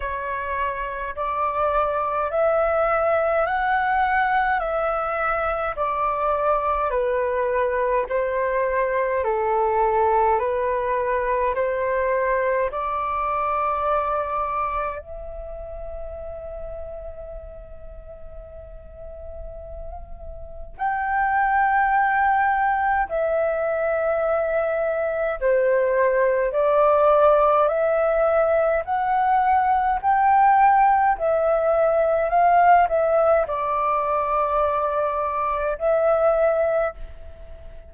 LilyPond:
\new Staff \with { instrumentName = "flute" } { \time 4/4 \tempo 4 = 52 cis''4 d''4 e''4 fis''4 | e''4 d''4 b'4 c''4 | a'4 b'4 c''4 d''4~ | d''4 e''2.~ |
e''2 g''2 | e''2 c''4 d''4 | e''4 fis''4 g''4 e''4 | f''8 e''8 d''2 e''4 | }